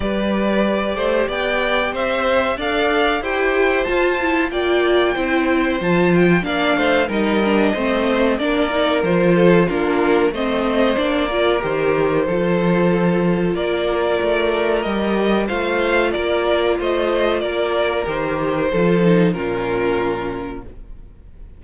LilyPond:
<<
  \new Staff \with { instrumentName = "violin" } { \time 4/4 \tempo 4 = 93 d''2 g''4 e''4 | f''4 g''4 a''4 g''4~ | g''4 a''8 g''8 f''4 dis''4~ | dis''4 d''4 c''4 ais'4 |
dis''4 d''4 c''2~ | c''4 d''2 dis''4 | f''4 d''4 dis''4 d''4 | c''2 ais'2 | }
  \new Staff \with { instrumentName = "violin" } { \time 4/4 b'4. c''8 d''4 c''4 | d''4 c''2 d''4 | c''2 d''8 c''8 ais'4 | c''4 ais'4. a'8 f'4 |
c''4. ais'4. a'4~ | a'4 ais'2. | c''4 ais'4 c''4 ais'4~ | ais'4 a'4 f'2 | }
  \new Staff \with { instrumentName = "viola" } { \time 4/4 g'1 | a'4 g'4 f'8 e'8 f'4 | e'4 f'4 d'4 dis'8 d'8 | c'4 d'8 dis'8 f'4 d'4 |
c'4 d'8 f'8 g'4 f'4~ | f'2. g'4 | f'1 | g'4 f'8 dis'8 cis'2 | }
  \new Staff \with { instrumentName = "cello" } { \time 4/4 g4. a8 b4 c'4 | d'4 e'4 f'4 ais4 | c'4 f4 ais8 a8 g4 | a4 ais4 f4 ais4 |
a4 ais4 dis4 f4~ | f4 ais4 a4 g4 | a4 ais4 a4 ais4 | dis4 f4 ais,2 | }
>>